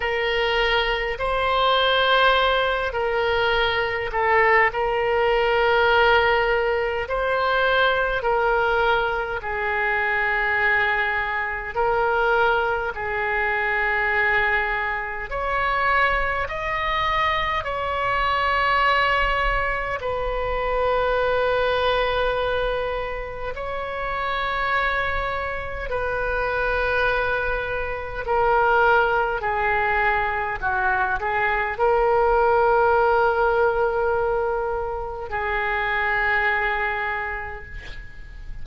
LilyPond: \new Staff \with { instrumentName = "oboe" } { \time 4/4 \tempo 4 = 51 ais'4 c''4. ais'4 a'8 | ais'2 c''4 ais'4 | gis'2 ais'4 gis'4~ | gis'4 cis''4 dis''4 cis''4~ |
cis''4 b'2. | cis''2 b'2 | ais'4 gis'4 fis'8 gis'8 ais'4~ | ais'2 gis'2 | }